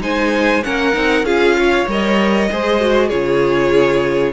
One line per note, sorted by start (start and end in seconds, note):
0.00 0.62 G#3
0.00 0.62 D#4
0.00 0.64 C5
0.00 0.63 G#5
0.63 0.96 A#3
0.63 0.93 C#4
0.63 1.26 A#4
0.63 1.25 F#5
0.93 1.22 C4
0.93 1.24 D#4
1.22 1.84 C#4
1.22 1.87 F4
1.22 1.56 G#4
1.22 1.87 F5
1.57 2.49 C#5
1.87 2.49 G3
1.87 2.51 A#4
1.87 3.09 D#5
2.51 3.11 G#3
2.51 2.80 G#4
2.51 3.08 C5
2.80 3.10 F#4
3.08 4.32 C#3
3.08 4.32 F4
3.08 4.32 G#4
3.08 4.32 C#5